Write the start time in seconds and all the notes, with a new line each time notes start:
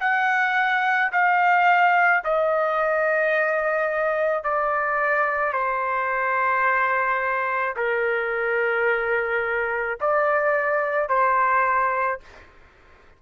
0.00 F#5
1.12 F5
2.24 D#5
4.43 D5
5.53 C5
7.76 A#4
10.01 D5
11.09 C5